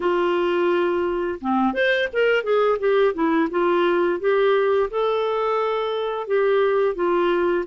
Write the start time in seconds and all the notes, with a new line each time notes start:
0.00 F4
1.40 C4
1.73 C5
2.12 A#4
2.43 G#4
2.79 G4
3.14 E4
3.50 F4
4.20 G4
4.90 A4
6.27 G4
6.95 F4